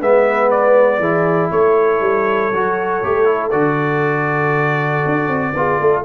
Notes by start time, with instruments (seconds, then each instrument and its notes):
0.00 tuba G#3, trombone B3, horn B4, trumpet E5
0.51 trumpet D5
1.00 tuba E3, trombone E4, horn G#4
1.51 tuba A3, horn A4, trumpet C#5
2.01 tuba G3
2.53 tuba F#3, trombone F#4
3.04 tuba A3, trombone G4
3.25 trombone E4
3.51 tuba D3, trombone F#4, trumpet D5
5.06 tuba D4
5.28 tuba C4
5.54 tuba B3, trombone F4, horn G#4
5.80 tuba A3, horn A4